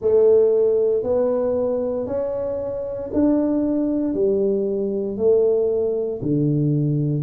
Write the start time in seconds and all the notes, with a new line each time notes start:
0.01 A3
1.03 B3
2.06 C#4
3.13 D4
4.14 G3
5.17 A3
6.22 D3